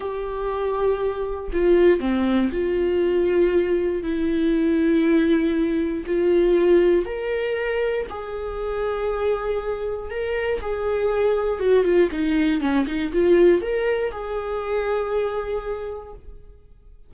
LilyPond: \new Staff \with { instrumentName = "viola" } { \time 4/4 \tempo 4 = 119 g'2. f'4 | c'4 f'2. | e'1 | f'2 ais'2 |
gis'1 | ais'4 gis'2 fis'8 f'8 | dis'4 cis'8 dis'8 f'4 ais'4 | gis'1 | }